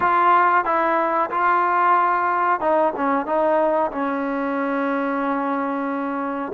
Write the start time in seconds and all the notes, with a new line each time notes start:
0.00 F4
0.65 E4
1.30 F4
2.60 D#4
2.96 C#4
3.26 D#4
3.91 C#4